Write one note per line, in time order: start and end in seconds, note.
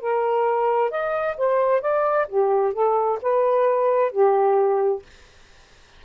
0.00 0.90 A#4
0.90 1.36 D#5
1.37 1.81 C5
1.81 2.26 D5
2.28 2.73 G4
2.73 3.19 A4
3.22 4.11 B4
4.11 5.02 G4